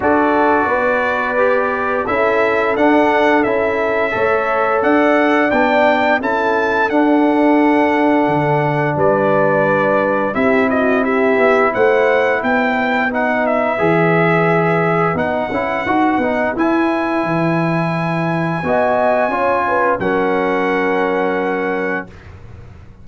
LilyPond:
<<
  \new Staff \with { instrumentName = "trumpet" } { \time 4/4 \tempo 4 = 87 d''2. e''4 | fis''4 e''2 fis''4 | g''4 a''4 fis''2~ | fis''4 d''2 e''8 dis''8 |
e''4 fis''4 g''4 fis''8 e''8~ | e''2 fis''2 | gis''1~ | gis''4 fis''2. | }
  \new Staff \with { instrumentName = "horn" } { \time 4/4 a'4 b'2 a'4~ | a'2 cis''4 d''4~ | d''4 a'2.~ | a'4 b'2 g'8 fis'8 |
g'4 c''4 b'2~ | b'1~ | b'2. dis''4 | cis''8 b'8 ais'2. | }
  \new Staff \with { instrumentName = "trombone" } { \time 4/4 fis'2 g'4 e'4 | d'4 e'4 a'2 | d'4 e'4 d'2~ | d'2. e'4~ |
e'2. dis'4 | gis'2 dis'8 e'8 fis'8 dis'8 | e'2. fis'4 | f'4 cis'2. | }
  \new Staff \with { instrumentName = "tuba" } { \time 4/4 d'4 b2 cis'4 | d'4 cis'4 a4 d'4 | b4 cis'4 d'2 | d4 g2 c'4~ |
c'8 b8 a4 b2 | e2 b8 cis'8 dis'8 b8 | e'4 e2 b4 | cis'4 fis2. | }
>>